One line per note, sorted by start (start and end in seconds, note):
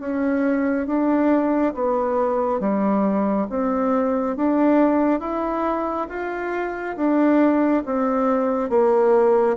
0.00 0.87 C#4
0.87 1.74 D4
1.74 2.60 B3
2.60 3.47 G3
3.50 4.36 C4
4.36 5.20 D4
5.20 6.07 E4
6.09 6.96 F4
6.96 7.83 D4
7.86 8.70 C4
8.70 9.57 A#3